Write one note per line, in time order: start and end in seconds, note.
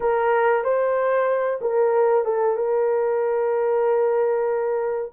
0.00 0.64 A#4
0.64 1.60 C5
1.61 2.24 A#4
2.24 2.56 A4
2.56 5.11 A#4